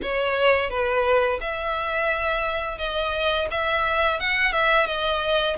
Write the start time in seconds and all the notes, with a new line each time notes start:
0.02 C#5
0.70 B4
1.40 E5
2.77 D#5
3.51 E5
4.20 F#5
4.52 E5
4.86 D#5